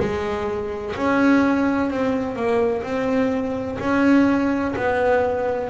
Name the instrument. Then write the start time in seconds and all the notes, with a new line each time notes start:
double bass
0.00 G#3
0.96 C#4
1.90 C4
2.36 A#3
2.83 C4
3.80 C#4
4.77 B3